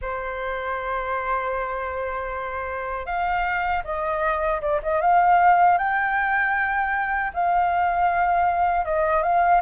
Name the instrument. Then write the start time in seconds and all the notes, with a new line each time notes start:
flute
0.01 C5
3.06 F5
3.84 D#5
4.61 D5
4.82 D#5
5.01 F5
5.78 G5
7.33 F5
8.85 D#5
9.22 F5